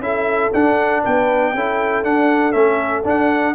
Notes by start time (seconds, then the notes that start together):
0.00 C#4 E4 A4 E5
0.53 D4 F#5
1.04 B3 B4 G5
1.55 C#4 E4 A4
2.04 D4 F#5
2.53 A3 C#4 E5
3.05 D4 F#5